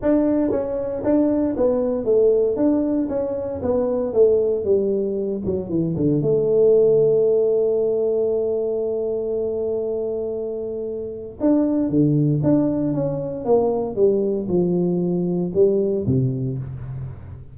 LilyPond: \new Staff \with { instrumentName = "tuba" } { \time 4/4 \tempo 4 = 116 d'4 cis'4 d'4 b4 | a4 d'4 cis'4 b4 | a4 g4. fis8 e8 d8 | a1~ |
a1~ | a2 d'4 d4 | d'4 cis'4 ais4 g4 | f2 g4 c4 | }